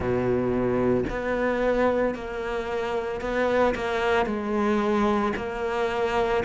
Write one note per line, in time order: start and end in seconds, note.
0.00 1.04 B2
1.10 2.14 B3
2.14 3.20 A#3
3.20 3.74 B3
3.75 4.26 A#3
4.26 5.33 G#3
5.36 6.43 A#3